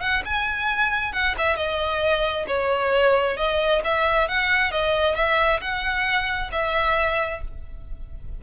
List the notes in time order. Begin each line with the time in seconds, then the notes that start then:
0.00 F#5
0.25 G#5
1.12 F#5
1.38 E5
1.56 D#5
2.47 C#5
3.37 D#5
3.84 E5
4.28 F#5
4.71 D#5
5.15 E5
5.61 F#5
6.51 E5